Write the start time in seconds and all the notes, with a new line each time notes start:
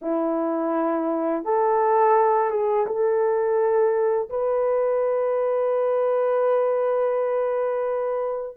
0.01 E4
1.44 A4
2.50 G#4
2.86 A4
4.29 B4